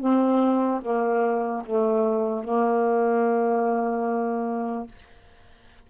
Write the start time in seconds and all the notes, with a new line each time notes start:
0.00 C4
0.82 A#3
1.65 A3
2.44 A#3